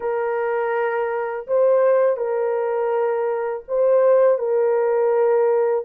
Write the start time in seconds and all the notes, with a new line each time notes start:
0.00 A#4
1.47 C5
2.16 A#4
3.68 C5
4.38 A#4